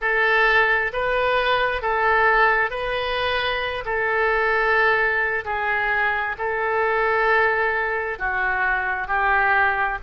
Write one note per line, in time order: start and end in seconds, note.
0.01 0.92 A4
0.93 1.81 B4
1.81 2.70 A4
2.70 3.84 B4
3.85 5.44 A4
5.45 6.36 G#4
6.38 8.18 A4
8.18 9.07 F#4
9.07 9.98 G4